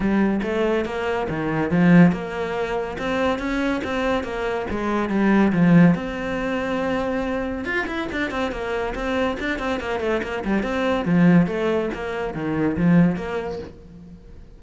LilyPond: \new Staff \with { instrumentName = "cello" } { \time 4/4 \tempo 4 = 141 g4 a4 ais4 dis4 | f4 ais2 c'4 | cis'4 c'4 ais4 gis4 | g4 f4 c'2~ |
c'2 f'8 e'8 d'8 c'8 | ais4 c'4 d'8 c'8 ais8 a8 | ais8 g8 c'4 f4 a4 | ais4 dis4 f4 ais4 | }